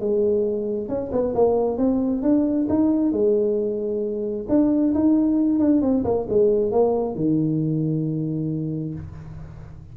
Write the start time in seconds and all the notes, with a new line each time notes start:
0.00 G#3
0.88 C#4
1.12 B3
1.35 A#3
1.77 C4
2.22 D4
2.69 D#4
3.12 G#3
4.49 D4
4.94 D#4
5.59 D4
5.81 C4
6.04 A#3
6.29 G#3
6.71 A#3
7.15 D#3